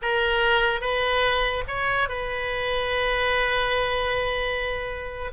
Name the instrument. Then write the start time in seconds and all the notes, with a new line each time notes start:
oboe
0.02 A#4
0.80 B4
1.67 C#5
2.08 B4